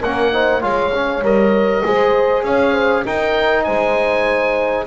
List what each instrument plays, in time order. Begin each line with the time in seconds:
0.00 double bass A#3, trombone C#4, horn A#4, oboe F#5
0.32 trombone D#4, horn C5
0.61 double bass G#3, trombone F4, horn C#5, oboe F5
0.94 trombone C#4
1.22 double bass G3, trombone A#4, oboe D#5
1.84 double bass G#3, trombone G#4, horn C5
2.43 double bass C#4, horn C#5, oboe F5
2.72 horn C5
3.04 trombone D#4, double bass D#4, horn A#4, oboe G5
3.64 double bass G#3, horn C5, oboe G#5